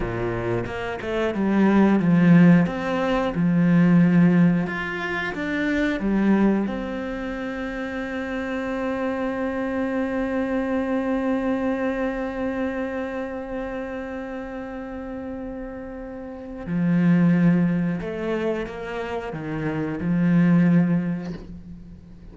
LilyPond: \new Staff \with { instrumentName = "cello" } { \time 4/4 \tempo 4 = 90 ais,4 ais8 a8 g4 f4 | c'4 f2 f'4 | d'4 g4 c'2~ | c'1~ |
c'1~ | c'1~ | c'4 f2 a4 | ais4 dis4 f2 | }